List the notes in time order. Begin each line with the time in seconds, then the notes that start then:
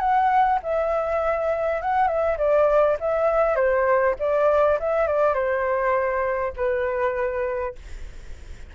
0.00 F#5
0.63 E5
1.82 F#5
2.08 E5
2.38 D5
3.01 E5
3.56 C5
4.20 D5
4.80 E5
5.08 D5
5.34 C5
6.57 B4